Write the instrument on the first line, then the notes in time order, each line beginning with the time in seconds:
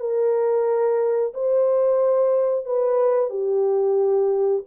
horn
0.00 A#4
1.34 C5
2.66 B4
3.30 G4